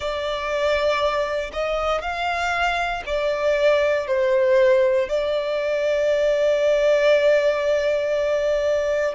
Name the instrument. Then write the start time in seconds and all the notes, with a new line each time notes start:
violin
0.00 D5
1.53 D#5
2.01 F5
3.06 D5
4.07 C5
5.08 D5